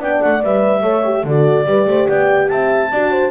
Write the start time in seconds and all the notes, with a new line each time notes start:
0.00 B3 D4 D5 G5
0.22 A3 F#5
0.43 G3 B4 E5
0.82 A3 A4 C#5
1.05 G4
1.24 D3 F#4 A4 D5
1.66 G3 G4 B4
1.87 A3 C5
2.09 B3 D5 G5
2.49 C4 E5 A5
2.92 D4 F#4 D5
3.12 C5